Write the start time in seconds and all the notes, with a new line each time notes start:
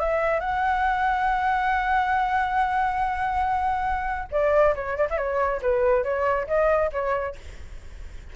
0.00 E5
0.40 F#5
4.32 D5
4.76 C#5
4.98 D5
5.11 E5
5.18 C#5
5.63 B4
6.04 C#5
6.48 D#5
6.93 C#5